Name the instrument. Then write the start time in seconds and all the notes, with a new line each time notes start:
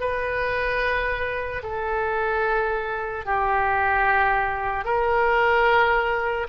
oboe
0.00 B4
1.63 A4
3.25 G4
4.84 A#4